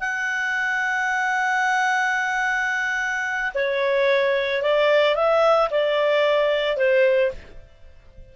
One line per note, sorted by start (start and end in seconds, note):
0.00 3.51 F#5
3.54 4.62 C#5
4.62 5.15 D5
5.15 5.69 E5
5.70 6.77 D5
6.77 7.31 C5